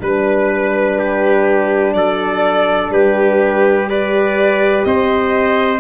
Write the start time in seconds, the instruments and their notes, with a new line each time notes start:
0.00 tuba G3, horn D4, violin B4, trumpet B4
0.99 trumpet G4
1.94 tuba F#3, trumpet A4, violin D5
2.90 tuba G3, trumpet G4, violin B4
3.88 horn G4, trumpet B4, violin D5
4.84 tuba C4, trumpet C5, violin D#5